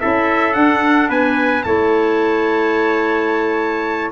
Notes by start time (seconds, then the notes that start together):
0.00 C#4 E4 A4 E5
0.54 D4 F#5
1.09 B3 B4 G#5
1.64 A3 E4 C#5 A5